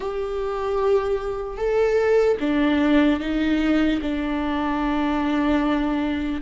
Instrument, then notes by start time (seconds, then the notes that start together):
viola
0.00 G4
1.57 A4
2.40 D4
3.20 D#4
4.01 D4